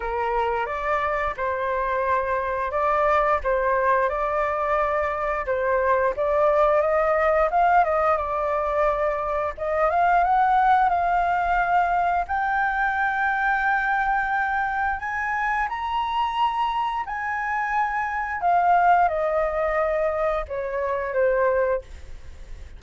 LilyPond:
\new Staff \with { instrumentName = "flute" } { \time 4/4 \tempo 4 = 88 ais'4 d''4 c''2 | d''4 c''4 d''2 | c''4 d''4 dis''4 f''8 dis''8 | d''2 dis''8 f''8 fis''4 |
f''2 g''2~ | g''2 gis''4 ais''4~ | ais''4 gis''2 f''4 | dis''2 cis''4 c''4 | }